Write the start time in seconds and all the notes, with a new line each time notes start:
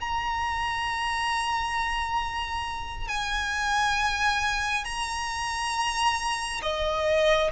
0.00 A#5
3.08 G#5
4.84 A#5
6.62 D#5